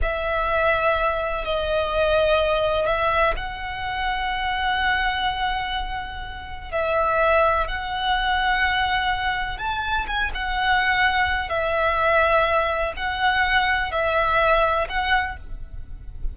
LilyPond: \new Staff \with { instrumentName = "violin" } { \time 4/4 \tempo 4 = 125 e''2. dis''4~ | dis''2 e''4 fis''4~ | fis''1~ | fis''2 e''2 |
fis''1 | a''4 gis''8 fis''2~ fis''8 | e''2. fis''4~ | fis''4 e''2 fis''4 | }